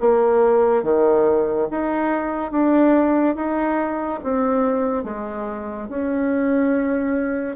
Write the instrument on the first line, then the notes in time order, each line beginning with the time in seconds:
bassoon
0.00 A#3
0.83 D#3
1.70 D#4
2.51 D4
3.35 D#4
4.23 C4
5.04 G#3
5.88 C#4